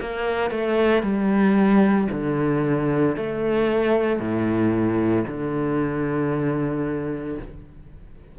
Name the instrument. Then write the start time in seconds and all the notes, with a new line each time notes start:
cello
0.00 A#3
0.50 A3
1.02 G3
2.11 D3
3.16 A3
4.19 A2
5.27 D3